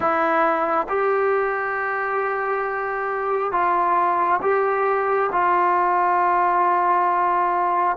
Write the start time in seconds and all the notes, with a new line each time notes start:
0.00 E4
0.88 G4
3.51 F4
4.42 G4
5.32 F4